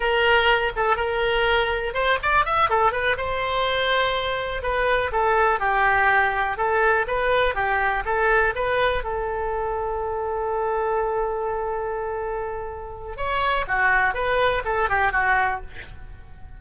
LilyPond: \new Staff \with { instrumentName = "oboe" } { \time 4/4 \tempo 4 = 123 ais'4. a'8 ais'2 | c''8 d''8 e''8 a'8 b'8 c''4.~ | c''4. b'4 a'4 g'8~ | g'4. a'4 b'4 g'8~ |
g'8 a'4 b'4 a'4.~ | a'1~ | a'2. cis''4 | fis'4 b'4 a'8 g'8 fis'4 | }